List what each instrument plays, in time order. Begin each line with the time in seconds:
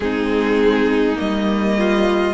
0.00 cello G#3, viola C4, violin D#4 G#4
1.15 cello G3, viola A#3, violin D#5
1.77 violin F4